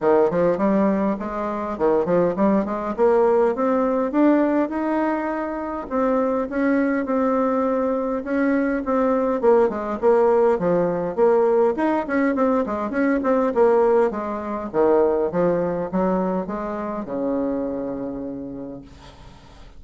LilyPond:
\new Staff \with { instrumentName = "bassoon" } { \time 4/4 \tempo 4 = 102 dis8 f8 g4 gis4 dis8 f8 | g8 gis8 ais4 c'4 d'4 | dis'2 c'4 cis'4 | c'2 cis'4 c'4 |
ais8 gis8 ais4 f4 ais4 | dis'8 cis'8 c'8 gis8 cis'8 c'8 ais4 | gis4 dis4 f4 fis4 | gis4 cis2. | }